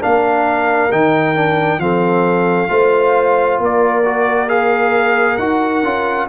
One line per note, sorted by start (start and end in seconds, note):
0.00 0.91 A#3
0.00 0.90 D4
0.00 1.80 A#4
0.00 0.92 F5
0.91 1.78 D#3
0.91 1.35 D#4
0.91 1.80 G5
1.35 1.80 D4
1.78 2.68 F3
1.78 2.68 C4
1.78 2.71 A4
1.78 3.59 F5
2.68 3.59 A3
2.68 4.03 F4
2.68 3.60 C5
3.59 5.38 A#3
3.59 6.28 A#4
3.59 4.49 D5
4.04 4.48 F#4
4.48 5.38 G#4
4.48 5.37 F5
5.37 5.83 D#4
5.37 5.84 F#4
5.37 6.26 F#5
5.83 6.27 C#4
5.83 6.28 F4